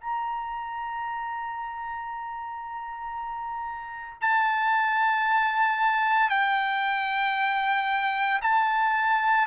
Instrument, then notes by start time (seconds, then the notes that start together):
trumpet
0.00 A#5
4.21 A5
6.29 G5
8.42 A5